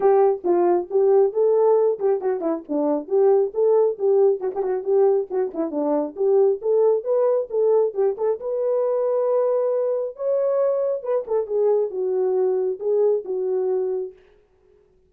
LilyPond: \new Staff \with { instrumentName = "horn" } { \time 4/4 \tempo 4 = 136 g'4 f'4 g'4 a'4~ | a'8 g'8 fis'8 e'8 d'4 g'4 | a'4 g'4 fis'16 g'16 fis'8 g'4 | fis'8 e'8 d'4 g'4 a'4 |
b'4 a'4 g'8 a'8 b'4~ | b'2. cis''4~ | cis''4 b'8 a'8 gis'4 fis'4~ | fis'4 gis'4 fis'2 | }